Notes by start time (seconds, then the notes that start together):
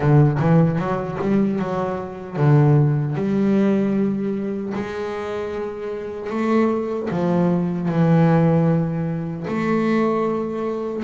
0.00 D3
0.39 E3
0.79 F#3
1.21 G3
1.59 F#3
2.36 D3
3.15 G3
4.74 G#3
6.30 A3
7.10 F3
7.88 E3
9.47 A3